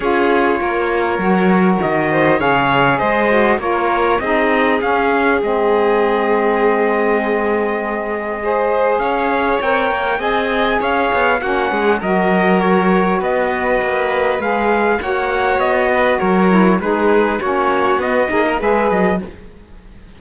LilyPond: <<
  \new Staff \with { instrumentName = "trumpet" } { \time 4/4 \tempo 4 = 100 cis''2. dis''4 | f''4 dis''4 cis''4 dis''4 | f''4 dis''2.~ | dis''2. f''4 |
g''4 gis''4 f''4 fis''4 | dis''4 cis''4 dis''2 | f''4 fis''4 dis''4 cis''4 | b'4 cis''4 dis''4 e''8 dis''8 | }
  \new Staff \with { instrumentName = "violin" } { \time 4/4 gis'4 ais'2~ ais'8 c''8 | cis''4 c''4 ais'4 gis'4~ | gis'1~ | gis'2 c''4 cis''4~ |
cis''4 dis''4 cis''4 fis'8 gis'8 | ais'2 b'2~ | b'4 cis''4. b'8 ais'4 | gis'4 fis'4. gis'16 ais'16 b'4 | }
  \new Staff \with { instrumentName = "saxophone" } { \time 4/4 f'2 fis'2 | gis'4. fis'8 f'4 dis'4 | cis'4 c'2.~ | c'2 gis'2 |
ais'4 gis'2 cis'4 | fis'1 | gis'4 fis'2~ fis'8 e'8 | dis'4 cis'4 b8 dis'8 gis'4 | }
  \new Staff \with { instrumentName = "cello" } { \time 4/4 cis'4 ais4 fis4 dis4 | cis4 gis4 ais4 c'4 | cis'4 gis2.~ | gis2. cis'4 |
c'8 ais8 c'4 cis'8 b8 ais8 gis8 | fis2 b4 ais4 | gis4 ais4 b4 fis4 | gis4 ais4 b8 ais8 gis8 fis8 | }
>>